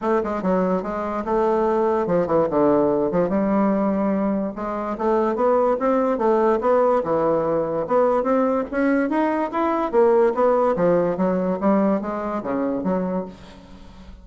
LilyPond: \new Staff \with { instrumentName = "bassoon" } { \time 4/4 \tempo 4 = 145 a8 gis8 fis4 gis4 a4~ | a4 f8 e8 d4. f8 | g2. gis4 | a4 b4 c'4 a4 |
b4 e2 b4 | c'4 cis'4 dis'4 e'4 | ais4 b4 f4 fis4 | g4 gis4 cis4 fis4 | }